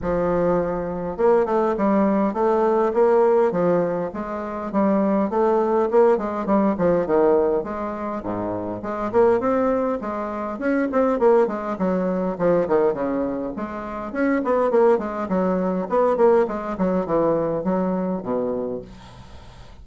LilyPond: \new Staff \with { instrumentName = "bassoon" } { \time 4/4 \tempo 4 = 102 f2 ais8 a8 g4 | a4 ais4 f4 gis4 | g4 a4 ais8 gis8 g8 f8 | dis4 gis4 gis,4 gis8 ais8 |
c'4 gis4 cis'8 c'8 ais8 gis8 | fis4 f8 dis8 cis4 gis4 | cis'8 b8 ais8 gis8 fis4 b8 ais8 | gis8 fis8 e4 fis4 b,4 | }